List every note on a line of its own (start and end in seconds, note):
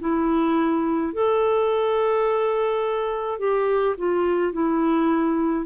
0.00 1.13 E4
1.13 3.39 A4
3.39 3.95 G4
3.97 4.52 F4
4.52 5.66 E4